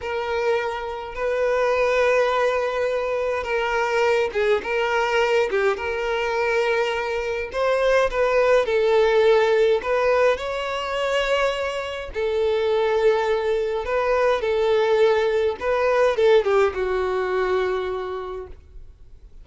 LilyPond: \new Staff \with { instrumentName = "violin" } { \time 4/4 \tempo 4 = 104 ais'2 b'2~ | b'2 ais'4. gis'8 | ais'4. g'8 ais'2~ | ais'4 c''4 b'4 a'4~ |
a'4 b'4 cis''2~ | cis''4 a'2. | b'4 a'2 b'4 | a'8 g'8 fis'2. | }